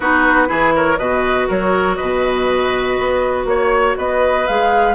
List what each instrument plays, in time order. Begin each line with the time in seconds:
0.00 bassoon B3, clarinet D#4, oboe F#4, flute B4
0.47 bassoon E3, clarinet E4, oboe G#4
0.75 oboe A#4, flute C#5
0.98 bassoon B2, clarinet F#4, oboe B4, flute D#5
1.48 bassoon F#3, oboe A#4, flute C#5
1.95 bassoon B2, oboe B4, flute D#5
2.98 bassoon B3
3.45 bassoon A#3, flute C#5, oboe C#5
3.97 bassoon B3, oboe B4, flute D#5
4.47 bassoon G#3, clarinet G#4, flute F5